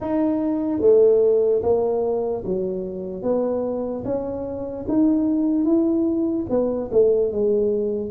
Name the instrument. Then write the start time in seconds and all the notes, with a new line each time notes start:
tuba
0.00 D#4
0.81 A3
1.62 A#3
2.45 F#3
3.22 B3
4.04 C#4
4.88 D#4
5.65 E4
6.49 B3
6.91 A3
7.32 G#3